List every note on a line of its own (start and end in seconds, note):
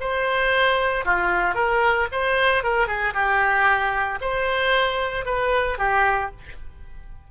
0.00 1.05 C5
1.05 1.55 F4
1.55 2.07 A#4
2.12 2.63 C5
2.63 2.87 A#4
2.87 3.13 G#4
3.13 4.19 G4
4.21 5.25 C5
5.25 5.78 B4
5.78 6.31 G4